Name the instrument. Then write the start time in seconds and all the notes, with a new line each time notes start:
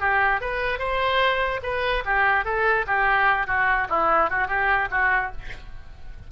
oboe
0.00 G4
0.41 B4
0.79 C5
1.63 B4
2.05 G4
2.45 A4
2.87 G4
3.47 F#4
3.89 E4
4.30 F#4
4.48 G4
4.91 F#4